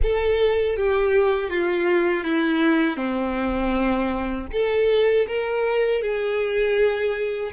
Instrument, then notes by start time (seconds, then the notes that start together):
violin
0.02 A4
0.77 G4
1.50 F4
2.23 E4
2.96 C4
4.52 A4
5.27 A#4
6.01 G#4